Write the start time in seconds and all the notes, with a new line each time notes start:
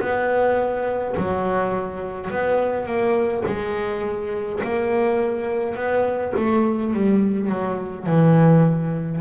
0.00 B3
1.17 F#3
2.31 B3
2.86 A#3
3.46 G#3
4.63 A#3
5.76 B3
6.37 A3
6.94 G3
7.49 F#3
8.07 E3